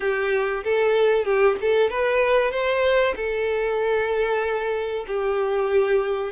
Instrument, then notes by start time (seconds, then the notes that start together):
violin
0.00 G4
0.64 A4
1.24 G4
1.61 A4
1.89 B4
2.51 C5
3.16 A4
5.07 G4